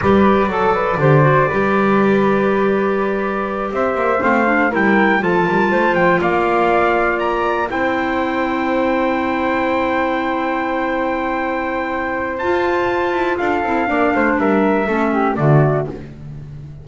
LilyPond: <<
  \new Staff \with { instrumentName = "trumpet" } { \time 4/4 \tempo 4 = 121 d''1~ | d''2.~ d''8 e''8~ | e''8 f''4 g''4 a''4. | g''8 f''2 ais''4 g''8~ |
g''1~ | g''1~ | g''4 a''2 f''4~ | f''4 e''2 d''4 | }
  \new Staff \with { instrumentName = "flute" } { \time 4/4 b'4 a'8 b'8 c''4 b'4~ | b'2.~ b'8 c''8~ | c''4. ais'4 a'8 ais'8 c''8~ | c''8 d''2. c''8~ |
c''1~ | c''1~ | c''2. a'4 | d''8 c''8 ais'4 a'8 g'8 fis'4 | }
  \new Staff \with { instrumentName = "clarinet" } { \time 4/4 g'4 a'4 g'8 fis'8 g'4~ | g'1~ | g'8 c'8 d'8 e'4 f'4.~ | f'2.~ f'8 e'8~ |
e'1~ | e'1~ | e'4 f'2~ f'8 e'8 | d'2 cis'4 a4 | }
  \new Staff \with { instrumentName = "double bass" } { \time 4/4 g4 fis4 d4 g4~ | g2.~ g8 c'8 | ais8 a4 g4 f8 g8 a8 | f8 ais2. c'8~ |
c'1~ | c'1~ | c'4 f'4. e'8 d'8 c'8 | ais8 a8 g4 a4 d4 | }
>>